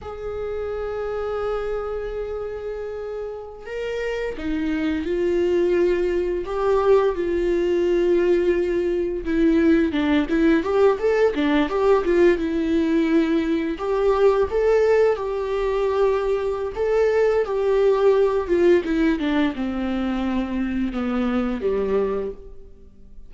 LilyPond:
\new Staff \with { instrumentName = "viola" } { \time 4/4 \tempo 4 = 86 gis'1~ | gis'4~ gis'16 ais'4 dis'4 f'8.~ | f'4~ f'16 g'4 f'4.~ f'16~ | f'4~ f'16 e'4 d'8 e'8 g'8 a'16~ |
a'16 d'8 g'8 f'8 e'2 g'16~ | g'8. a'4 g'2~ g'16 | a'4 g'4. f'8 e'8 d'8 | c'2 b4 g4 | }